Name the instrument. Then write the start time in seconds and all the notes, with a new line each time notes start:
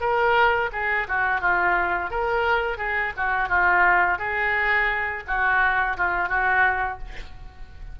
oboe
0.00 A#4
0.72 G#4
1.08 F#4
1.40 F4
2.10 A#4
2.77 G#4
3.17 F#4
3.49 F4
4.18 G#4
5.27 F#4
5.97 F4
6.28 F#4